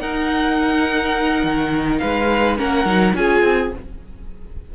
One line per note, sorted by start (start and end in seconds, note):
0.00 2.57 D#4
0.00 1.44 D#4
0.00 2.01 A#4
0.00 1.99 F#5
1.44 2.01 D#3
1.99 2.59 G#3
1.99 2.58 B4
1.99 2.56 F5
2.57 2.85 A#3
2.57 2.85 C#4
2.57 3.15 A#4
2.57 3.16 F#5
2.85 3.14 F#3
2.85 3.14 D#4
3.15 3.43 C#4
3.15 3.72 F4
3.15 3.75 G#4
3.15 3.73 G#5
3.43 3.72 C4